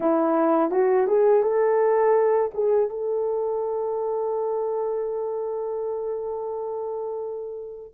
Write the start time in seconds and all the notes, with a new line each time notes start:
0.00 E4
0.70 F#4
1.07 G#4
1.42 A4
2.54 G#4
2.89 A4